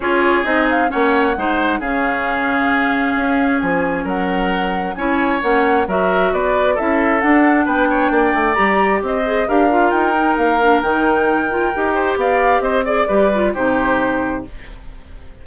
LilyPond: <<
  \new Staff \with { instrumentName = "flute" } { \time 4/4 \tempo 4 = 133 cis''4 dis''8 f''8 fis''2 | f''1 | gis''4 fis''2 gis''4 | fis''4 e''4 d''4 e''4 |
fis''4 g''2 ais''4 | dis''4 f''4 g''4 f''4 | g''2. f''4 | dis''8 d''4. c''2 | }
  \new Staff \with { instrumentName = "oboe" } { \time 4/4 gis'2 cis''4 c''4 | gis'1~ | gis'4 ais'2 cis''4~ | cis''4 ais'4 b'4 a'4~ |
a'4 b'8 cis''8 d''2 | c''4 ais'2.~ | ais'2~ ais'8 c''8 d''4 | c''8 d''8 b'4 g'2 | }
  \new Staff \with { instrumentName = "clarinet" } { \time 4/4 f'4 dis'4 cis'4 dis'4 | cis'1~ | cis'2. e'4 | cis'4 fis'2 e'4 |
d'2. g'4~ | g'8 gis'8 g'8 f'4 dis'4 d'8 | dis'4. f'8 g'2~ | g'8 gis'8 g'8 f'8 dis'2 | }
  \new Staff \with { instrumentName = "bassoon" } { \time 4/4 cis'4 c'4 ais4 gis4 | cis2. cis'4 | f4 fis2 cis'4 | ais4 fis4 b4 cis'4 |
d'4 b4 ais8 a8 g4 | c'4 d'4 dis'4 ais4 | dis2 dis'4 b4 | c'4 g4 c2 | }
>>